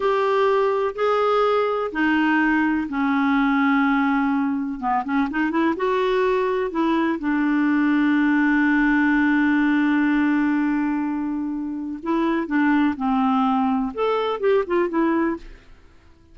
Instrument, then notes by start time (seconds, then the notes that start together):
clarinet
0.00 G4
0.95 G#4
1.91 D#4
2.88 C#4
4.79 B3
5.04 C#4
5.30 D#4
5.50 E4
5.76 F#4
6.70 E4
7.19 D4
12.02 E4
12.46 D4
12.96 C4
13.94 A4
14.40 G4
14.66 F4
14.88 E4